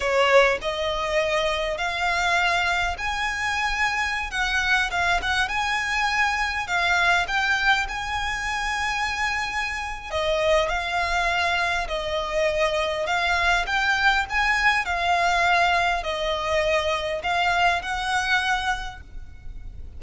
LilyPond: \new Staff \with { instrumentName = "violin" } { \time 4/4 \tempo 4 = 101 cis''4 dis''2 f''4~ | f''4 gis''2~ gis''16 fis''8.~ | fis''16 f''8 fis''8 gis''2 f''8.~ | f''16 g''4 gis''2~ gis''8.~ |
gis''4 dis''4 f''2 | dis''2 f''4 g''4 | gis''4 f''2 dis''4~ | dis''4 f''4 fis''2 | }